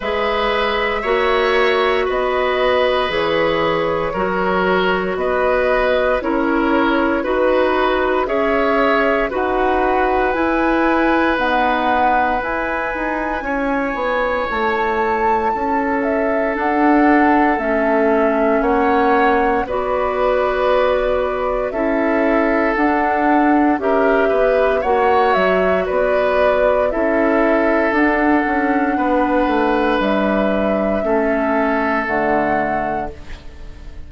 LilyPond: <<
  \new Staff \with { instrumentName = "flute" } { \time 4/4 \tempo 4 = 58 e''2 dis''4 cis''4~ | cis''4 dis''4 cis''4 b'4 | e''4 fis''4 gis''4 fis''4 | gis''2 a''4. e''8 |
fis''4 e''4 fis''4 d''4~ | d''4 e''4 fis''4 e''4 | fis''8 e''8 d''4 e''4 fis''4~ | fis''4 e''2 fis''4 | }
  \new Staff \with { instrumentName = "oboe" } { \time 4/4 b'4 cis''4 b'2 | ais'4 b'4 ais'4 b'4 | cis''4 b'2.~ | b'4 cis''2 a'4~ |
a'2 cis''4 b'4~ | b'4 a'2 ais'8 b'8 | cis''4 b'4 a'2 | b'2 a'2 | }
  \new Staff \with { instrumentName = "clarinet" } { \time 4/4 gis'4 fis'2 gis'4 | fis'2 e'4 fis'4 | gis'4 fis'4 e'4 b4 | e'1 |
d'4 cis'2 fis'4~ | fis'4 e'4 d'4 g'4 | fis'2 e'4 d'4~ | d'2 cis'4 a4 | }
  \new Staff \with { instrumentName = "bassoon" } { \time 4/4 gis4 ais4 b4 e4 | fis4 b4 cis'4 dis'4 | cis'4 dis'4 e'4 dis'4 | e'8 dis'8 cis'8 b8 a4 cis'4 |
d'4 a4 ais4 b4~ | b4 cis'4 d'4 cis'8 b8 | ais8 fis8 b4 cis'4 d'8 cis'8 | b8 a8 g4 a4 d4 | }
>>